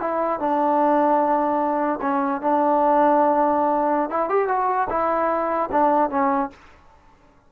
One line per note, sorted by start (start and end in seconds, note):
0.00 0.40 E4
0.40 2.00 D4
2.02 2.41 C#4
2.41 4.10 D4
4.10 4.29 E4
4.29 4.48 G4
4.48 4.88 F#4
4.90 5.70 E4
5.72 6.10 D4
6.10 6.50 C#4